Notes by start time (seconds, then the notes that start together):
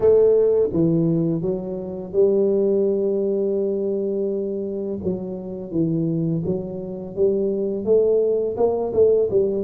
0.00 A3
0.72 E3
1.41 F#3
2.12 G3
5.03 F#3
5.71 E3
6.45 F#3
7.15 G3
7.84 A3
8.56 A#3
8.93 A3
9.30 G3